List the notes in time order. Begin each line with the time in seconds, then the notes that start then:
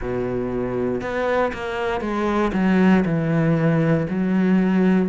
0.00 B2
1.01 B3
1.53 A#3
2.00 G#3
2.53 F#3
3.05 E3
4.09 F#3